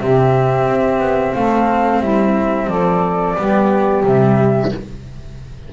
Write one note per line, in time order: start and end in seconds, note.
0.00 0.66 C3
0.00 3.37 C4
0.00 1.37 G4
0.00 1.35 E5
0.66 1.00 C4
1.00 1.33 B3
1.35 2.01 A3
1.35 2.01 A4
1.35 2.02 F5
2.01 2.68 G3
2.01 2.68 E4
2.01 2.69 E5
2.68 3.35 F3
2.68 3.37 A4
2.68 4.04 D5
3.37 4.04 G3
3.37 4.04 B3
3.37 4.73 G4
4.04 4.71 C3
4.04 4.71 G3
4.04 4.74 E5